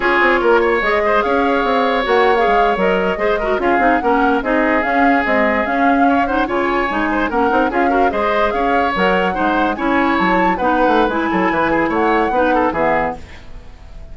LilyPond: <<
  \new Staff \with { instrumentName = "flute" } { \time 4/4 \tempo 4 = 146 cis''2 dis''4 f''4~ | f''4 fis''8. f''4 dis''4~ dis''16~ | dis''8. f''4 fis''4 dis''4 f''16~ | f''8. dis''4 f''4. fis''8 gis''16~ |
gis''4.~ gis''16 fis''4 f''4 dis''16~ | dis''8. f''4 fis''2 gis''16~ | gis''8. a''4 fis''4~ fis''16 gis''4~ | gis''4 fis''2 e''4 | }
  \new Staff \with { instrumentName = "oboe" } { \time 4/4 gis'4 ais'8 cis''4 c''8 cis''4~ | cis''2.~ cis''8. c''16~ | c''16 ais'8 gis'4 ais'4 gis'4~ gis'16~ | gis'2~ gis'8. cis''8 c''8 cis''16~ |
cis''4~ cis''16 c''8 ais'4 gis'8 ais'8 c''16~ | c''8. cis''2 c''4 cis''16~ | cis''4.~ cis''16 b'4.~ b'16 a'8 | b'8 gis'8 cis''4 b'8 a'8 gis'4 | }
  \new Staff \with { instrumentName = "clarinet" } { \time 4/4 f'2 gis'2~ | gis'4 fis'8. gis'4 ais'4 gis'16~ | gis'16 fis'8 f'8 dis'8 cis'4 dis'4 cis'16~ | cis'8. gis4 cis'4. dis'8 f'16~ |
f'8. dis'4 cis'8 dis'8 f'8 fis'8 gis'16~ | gis'4.~ gis'16 ais'4 dis'4 e'16~ | e'4.~ e'16 dis'4~ dis'16 e'4~ | e'2 dis'4 b4 | }
  \new Staff \with { instrumentName = "bassoon" } { \time 4/4 cis'8 c'8 ais4 gis4 cis'4 | c'4 ais4 gis8. fis4 gis16~ | gis8. cis'8 c'8 ais4 c'4 cis'16~ | cis'8. c'4 cis'2 cis16~ |
cis8. gis4 ais8 c'8 cis'4 gis16~ | gis8. cis'4 fis4 gis4 cis'16~ | cis'8. fis4 b8. a8 gis8 fis8 | e4 a4 b4 e4 | }
>>